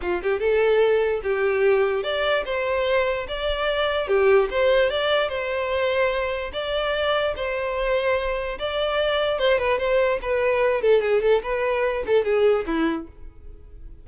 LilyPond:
\new Staff \with { instrumentName = "violin" } { \time 4/4 \tempo 4 = 147 f'8 g'8 a'2 g'4~ | g'4 d''4 c''2 | d''2 g'4 c''4 | d''4 c''2. |
d''2 c''2~ | c''4 d''2 c''8 b'8 | c''4 b'4. a'8 gis'8 a'8 | b'4. a'8 gis'4 e'4 | }